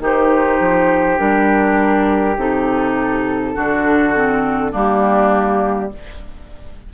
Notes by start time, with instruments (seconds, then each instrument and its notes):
0.00 bassoon D#3, clarinet D#4, oboe G4, flute C5
0.60 bassoon F3
1.18 bassoon G3, clarinet D4, flute A#4
2.37 bassoon C3, clarinet D#4, flute A4
3.54 bassoon D3, clarinet D4, oboe F#4
4.14 clarinet C4
4.72 bassoon G3, clarinet A#3, oboe D4, flute G4